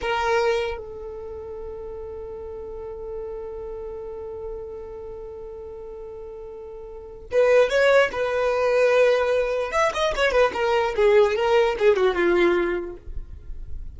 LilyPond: \new Staff \with { instrumentName = "violin" } { \time 4/4 \tempo 4 = 148 ais'2 a'2~ | a'1~ | a'1~ | a'1~ |
a'2 b'4 cis''4 | b'1 | e''8 dis''8 cis''8 b'8 ais'4 gis'4 | ais'4 gis'8 fis'8 f'2 | }